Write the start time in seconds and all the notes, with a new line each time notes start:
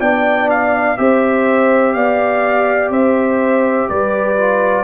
0.00 B3 D4 D5 G5
0.50 F5
0.98 C4 G4 C5 E5
1.94 B3 D5 F5
2.90 C4 C5 E5
3.89 G3 B4 D5
4.37 F4